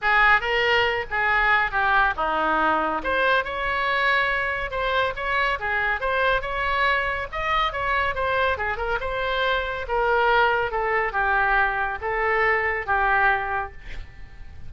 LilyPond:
\new Staff \with { instrumentName = "oboe" } { \time 4/4 \tempo 4 = 140 gis'4 ais'4. gis'4. | g'4 dis'2 c''4 | cis''2. c''4 | cis''4 gis'4 c''4 cis''4~ |
cis''4 dis''4 cis''4 c''4 | gis'8 ais'8 c''2 ais'4~ | ais'4 a'4 g'2 | a'2 g'2 | }